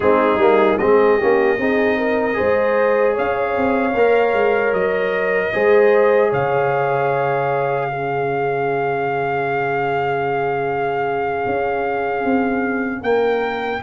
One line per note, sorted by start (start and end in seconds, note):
0.00 0.37 G#3
0.00 0.39 C4
0.00 0.80 D#4
0.00 0.78 G#4
0.37 0.76 G3
0.37 0.79 A#3
0.78 1.19 G#3
0.78 1.20 C4
0.78 1.17 G#4
0.78 3.15 D#5
1.17 1.58 A#3
1.17 1.58 C#4
1.17 1.56 G4
1.58 2.37 C4
1.58 2.33 D#4
1.58 1.97 G#4
1.97 2.36 A#4
2.33 3.91 G#4
2.33 3.14 C5
2.40 3.18 G#3
3.14 3.56 C#4
3.14 5.51 C#5
3.14 4.73 F5
3.56 3.94 C4
3.94 4.33 A#3
3.94 5.53 A#4
4.33 4.72 G#3
4.72 5.51 F#3
4.72 6.31 D#5
5.53 6.32 G#3
5.53 7.90 G#4
5.53 6.29 C5
6.29 11.45 C#3
6.29 7.87 C#5
6.29 13.03 F5
7.89 13.82 C#4
7.89 13.01 G#4
11.46 12.24 C#4
12.24 13.01 C4
13.01 13.80 A#3
13.01 13.80 A#4
13.01 13.82 G5